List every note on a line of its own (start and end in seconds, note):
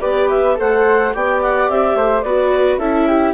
0.00 0.59 B3
0.00 0.55 G4
0.00 0.56 B4
0.00 0.29 D5
0.29 0.57 E5
0.55 1.14 A3
0.55 1.11 A4
0.55 1.15 C5
0.55 1.14 F#5
1.14 1.69 B3
1.14 2.25 G4
1.14 1.96 D5
1.14 1.42 G5
1.42 1.70 F#5
1.69 1.95 C4
1.69 2.22 E5
1.95 2.23 A3
1.95 2.24 C5
2.22 2.78 B3
2.22 2.80 F#4
2.22 2.79 B4
2.22 2.78 D5
2.78 3.33 C#4
2.78 3.34 E4
2.78 3.07 A4
2.78 3.34 E5
3.07 3.34 G4